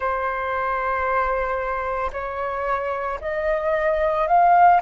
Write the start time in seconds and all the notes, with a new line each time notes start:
0.00 C5
2.12 C#5
3.20 D#5
4.27 F5